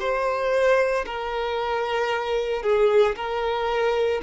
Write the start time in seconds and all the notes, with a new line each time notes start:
0.00 C5
1.06 A#4
2.63 G#4
3.16 A#4